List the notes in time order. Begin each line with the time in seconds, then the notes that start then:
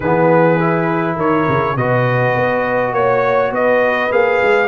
0.00 E3 B3 G#4 B4
0.59 E4
1.15 D#3 A#4 C#5
1.48 C#3
1.75 B2 F#4 B4 D#5
2.35 B3
2.92 A#3 C#5
3.51 B3 B4 D#5
4.10 A#3 G#4 F5
4.42 G#3